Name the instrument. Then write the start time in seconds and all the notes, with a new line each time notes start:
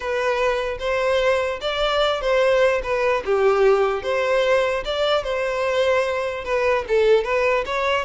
violin
0.00 B4
0.79 C5
1.61 D5
2.21 C5
2.83 B4
3.25 G4
4.02 C5
4.84 D5
5.23 C5
6.44 B4
6.88 A4
7.24 B4
7.65 C#5